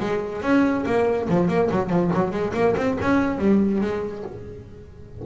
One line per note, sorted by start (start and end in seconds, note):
0.00 0.42 G#3
0.42 0.85 C#4
0.86 1.29 A#3
1.30 1.49 F3
1.49 1.70 A#3
1.72 1.90 F#3
1.90 2.11 F3
2.14 2.32 F#3
2.32 2.53 G#3
2.54 2.76 A#3
2.77 2.98 C4
3.02 3.39 C#4
3.39 3.81 G3
3.81 4.24 G#3